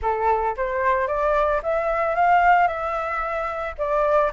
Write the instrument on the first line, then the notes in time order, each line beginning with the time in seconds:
flute
0.02 A4
0.56 C5
1.07 D5
1.62 E5
2.15 F5
2.67 E5
3.78 D5